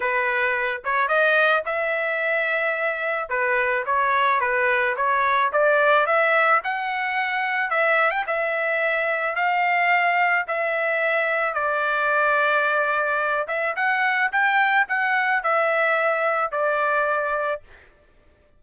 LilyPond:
\new Staff \with { instrumentName = "trumpet" } { \time 4/4 \tempo 4 = 109 b'4. cis''8 dis''4 e''4~ | e''2 b'4 cis''4 | b'4 cis''4 d''4 e''4 | fis''2 e''8. g''16 e''4~ |
e''4 f''2 e''4~ | e''4 d''2.~ | d''8 e''8 fis''4 g''4 fis''4 | e''2 d''2 | }